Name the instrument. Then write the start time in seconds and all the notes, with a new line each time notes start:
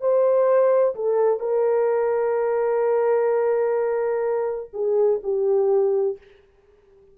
horn
0.00 C5
0.95 A4
1.39 A#4
4.73 G#4
5.23 G4